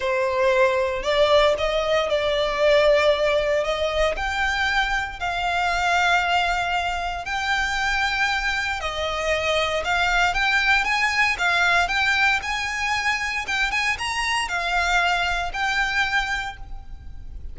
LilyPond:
\new Staff \with { instrumentName = "violin" } { \time 4/4 \tempo 4 = 116 c''2 d''4 dis''4 | d''2. dis''4 | g''2 f''2~ | f''2 g''2~ |
g''4 dis''2 f''4 | g''4 gis''4 f''4 g''4 | gis''2 g''8 gis''8 ais''4 | f''2 g''2 | }